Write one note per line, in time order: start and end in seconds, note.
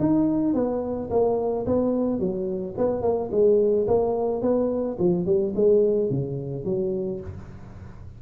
0.00 0.54 D#4
0.54 1.10 B3
1.10 1.66 A#3
1.67 2.19 B3
2.19 2.75 F#3
2.78 3.02 B3
3.02 3.30 A#3
3.32 3.87 G#3
3.88 4.42 A#3
4.42 4.97 B3
4.99 5.26 F3
5.26 5.54 G3
5.56 6.10 G#3
6.10 6.65 C#3
6.65 7.20 F#3